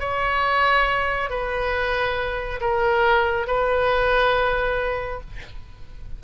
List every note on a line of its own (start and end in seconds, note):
0.00 1.30 C#5
1.30 2.60 B4
2.61 3.47 A#4
3.47 5.21 B4